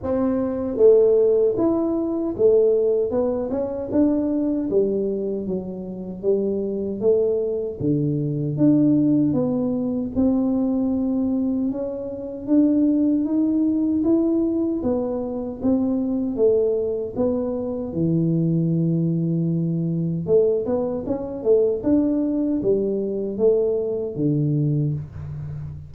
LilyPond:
\new Staff \with { instrumentName = "tuba" } { \time 4/4 \tempo 4 = 77 c'4 a4 e'4 a4 | b8 cis'8 d'4 g4 fis4 | g4 a4 d4 d'4 | b4 c'2 cis'4 |
d'4 dis'4 e'4 b4 | c'4 a4 b4 e4~ | e2 a8 b8 cis'8 a8 | d'4 g4 a4 d4 | }